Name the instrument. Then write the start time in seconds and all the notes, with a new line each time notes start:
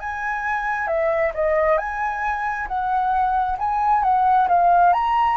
flute
0.00 G#5
0.88 E5
1.34 D#5
1.78 G#5
2.68 F#5
3.58 G#5
4.03 F#5
4.48 F5
4.93 A#5